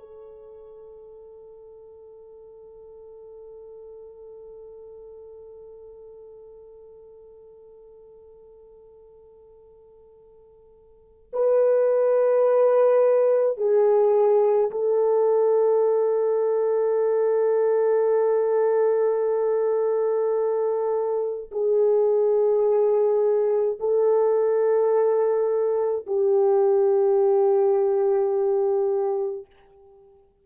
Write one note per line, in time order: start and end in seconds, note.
0.00 11.32 A4
11.34 13.57 B4
13.57 14.71 G#4
14.72 21.51 A4
21.52 23.78 G#4
23.80 26.06 A4
26.07 29.46 G4